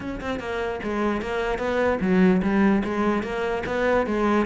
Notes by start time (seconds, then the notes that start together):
0.00 C#4
0.20 C4
0.39 A#3
0.83 G#3
1.21 A#3
1.58 B3
2.00 F#3
2.42 G3
2.84 G#3
3.22 A#3
3.66 B3
4.06 G#3